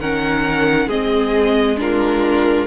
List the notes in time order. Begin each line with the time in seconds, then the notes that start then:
0.00 D#3 C#4 A#4 F#5
0.87 G#3 C4 G#4 D#5
1.77 D4 F4 A#4